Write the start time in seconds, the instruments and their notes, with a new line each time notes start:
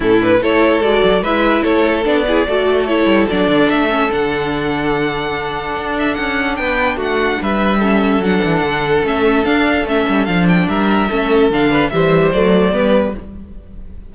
0.00 cello A2, viola C#4, violin E4 A4
0.20 viola D4, violin B4
0.41 cello A3, viola E4, violin A4 C#5
0.81 cello G#3, viola F#4, violin D5
1.03 cello F#3
1.21 cello G#3, viola E4, violin B4 E5
1.63 cello A3, violin A4 C#5
2.04 cello B3, viola D4, violin D5
2.27 viola E4, violin G#4
2.47 cello A3, viola F#4, violin A4
2.85 viola E4, violin C#5
3.05 cello G3
3.30 cello F#3, viola D4, violin D5
3.47 cello D3
3.69 cello A3, violin E5
3.89 viola C#4
4.11 cello D3, viola D4, violin F#5
5.76 cello D4
5.98 violin E5
6.14 cello C#4, violin F#5
6.56 cello B3, violin B4 G5
6.96 cello A3, violin F#4 F#5
7.41 cello G3, violin B4 E5
7.79 viola C#4, violin A4
8.18 cello F#3, viola D4, violin F#5
8.44 cello E3
8.61 cello D3
9.03 cello A3, viola C#4, violin E5
9.44 cello D4, viola D4, violin F5
9.84 cello A3, viola C#4, violin E5
10.09 cello G3
10.25 cello F3, viola D4, violin F5
10.48 violin G5
10.67 cello G3, violin A#4 E5
11.09 cello A3, viola C#4, violin A4
11.50 cello D3, viola D4, violin F5
11.70 violin B4
11.89 cello E3, viola G3, violin C5 E5
12.32 cello F#3, viola A3, violin D5
12.71 cello G3, viola B3, violin B4